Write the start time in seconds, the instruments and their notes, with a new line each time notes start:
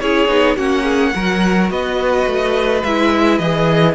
0.00 cello C#4, viola E4, violin G#4 C#5
0.28 cello B3, viola D#4
0.56 cello A#3, viola C#4, violin F#4 F#5
0.83 violin G#4
1.14 cello F#3, viola F#4, violin A#4
1.70 cello B3, violin B4 D#5
2.26 cello A3
2.83 cello G#3, viola E4, violin E5
3.38 cello E3, viola G#4, violin D#5